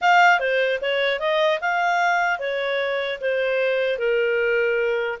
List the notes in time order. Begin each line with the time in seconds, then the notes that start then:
0.01 F5
0.39 C5
0.81 C#5
1.19 D#5
1.60 F5
2.39 C#5
3.20 C5
3.98 A#4